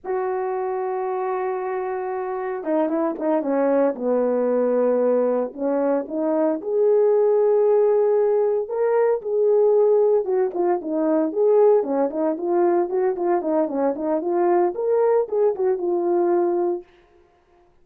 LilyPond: \new Staff \with { instrumentName = "horn" } { \time 4/4 \tempo 4 = 114 fis'1~ | fis'4 dis'8 e'8 dis'8 cis'4 b8~ | b2~ b8 cis'4 dis'8~ | dis'8 gis'2.~ gis'8~ |
gis'8 ais'4 gis'2 fis'8 | f'8 dis'4 gis'4 cis'8 dis'8 f'8~ | f'8 fis'8 f'8 dis'8 cis'8 dis'8 f'4 | ais'4 gis'8 fis'8 f'2 | }